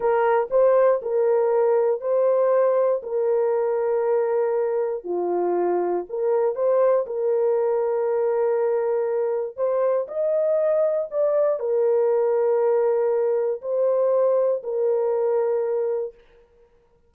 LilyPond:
\new Staff \with { instrumentName = "horn" } { \time 4/4 \tempo 4 = 119 ais'4 c''4 ais'2 | c''2 ais'2~ | ais'2 f'2 | ais'4 c''4 ais'2~ |
ais'2. c''4 | dis''2 d''4 ais'4~ | ais'2. c''4~ | c''4 ais'2. | }